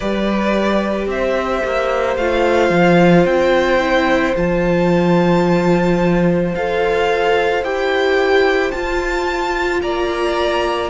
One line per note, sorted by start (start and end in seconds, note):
0.00 1.06 G3
0.00 2.20 G4
0.00 1.09 B4
0.00 1.08 D5
1.06 1.61 C4
1.06 2.17 E5
1.12 9.82 C5
1.64 2.17 A#3
2.17 2.70 A3
2.17 3.80 F4
2.17 3.25 F5
2.70 3.24 F3
3.25 4.34 C4
3.25 4.35 G5
3.80 4.34 E4
4.35 6.54 F3
4.35 6.53 F4
4.35 6.55 A5
6.55 7.62 F4
6.55 7.63 A4
6.55 7.64 F5
7.62 8.71 E4
7.62 8.72 G4
7.62 8.71 G5
8.71 10.90 F4
8.71 9.82 F4
8.71 9.80 A5
9.81 10.90 A#3
9.81 10.90 D5
9.81 10.90 A#5